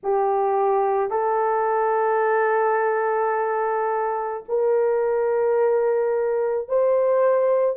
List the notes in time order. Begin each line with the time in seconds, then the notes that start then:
0.03 G4
1.10 A4
4.48 A#4
6.68 C5